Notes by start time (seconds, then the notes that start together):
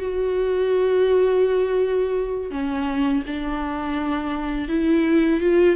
0.00 F#4
2.51 C#4
3.27 D4
4.69 E4
5.41 F4